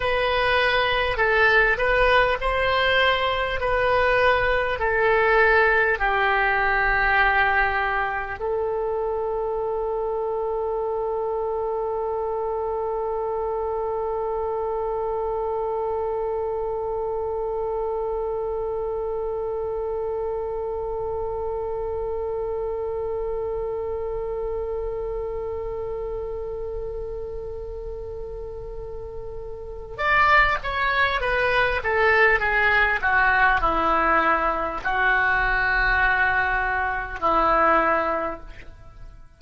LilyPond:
\new Staff \with { instrumentName = "oboe" } { \time 4/4 \tempo 4 = 50 b'4 a'8 b'8 c''4 b'4 | a'4 g'2 a'4~ | a'1~ | a'1~ |
a'1~ | a'1~ | a'4 d''8 cis''8 b'8 a'8 gis'8 fis'8 | e'4 fis'2 e'4 | }